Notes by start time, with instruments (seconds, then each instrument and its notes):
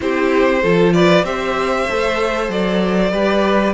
0.00 cello C4, viola E4, violin G4 C5
0.62 cello F3, viola F4, violin A4
0.93 violin B4 D5
1.23 cello C4, viola G4, violin C5 E5
1.89 cello A3, viola A4
2.49 cello F#3, violin D5
3.11 cello G3, viola G4, violin B4